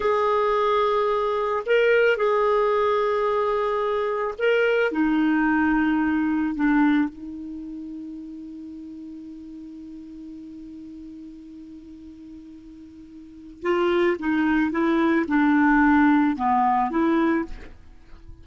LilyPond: \new Staff \with { instrumentName = "clarinet" } { \time 4/4 \tempo 4 = 110 gis'2. ais'4 | gis'1 | ais'4 dis'2. | d'4 dis'2.~ |
dis'1~ | dis'1~ | dis'4 f'4 dis'4 e'4 | d'2 b4 e'4 | }